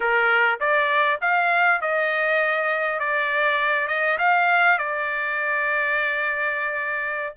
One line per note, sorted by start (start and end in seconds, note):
0.00 0.59 A#4
0.60 1.20 D5
1.21 1.81 F5
1.81 2.99 D#5
2.99 3.87 D5
3.87 4.17 D#5
4.18 4.78 F5
4.78 7.33 D5